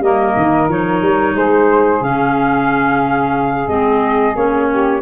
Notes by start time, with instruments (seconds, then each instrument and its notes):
0.00 tuba G3, clarinet A#3, saxophone A#4, flute D#5
0.36 tuba D#3
0.69 tuba F3, clarinet D#4, flute C#5
1.02 tuba G3
1.35 tuba G#3, saxophone G#4, flute C5
2.01 tuba C#3, clarinet C#4, flute F5
3.68 tuba G#3, clarinet C4, flute D#5
4.35 tuba A#3, clarinet C#4, flute C#5
4.69 saxophone G4